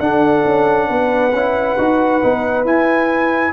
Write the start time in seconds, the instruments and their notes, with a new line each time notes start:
0.00 trombone D4, tuba D4, horn A4, trumpet F#5
0.46 tuba C#4
0.89 tuba B3, horn B4
1.33 tuba C#4, trombone E4
1.78 tuba D#4, trombone F#4
2.23 tuba B3, trombone D#4
2.65 tuba E4, trombone E4, trumpet G#5